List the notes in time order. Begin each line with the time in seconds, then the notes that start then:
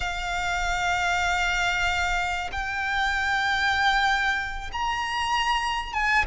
0.00 F5
2.52 G5
4.72 A#5
5.93 G#5